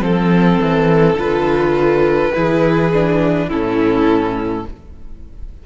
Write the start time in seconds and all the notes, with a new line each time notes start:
0.00 F3 C4 A4
0.61 E3
1.15 D3 F4 B4
2.34 E3 E4 G#4
2.94 D4
3.48 A2 C#4 E4 A4